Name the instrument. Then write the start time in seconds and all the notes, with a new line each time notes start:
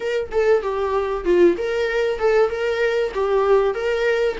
viola
0.00 A#4
0.31 A4
0.62 G4
1.24 F4
1.57 A#4
2.18 A4
2.49 A#4
3.14 G4
3.74 A#4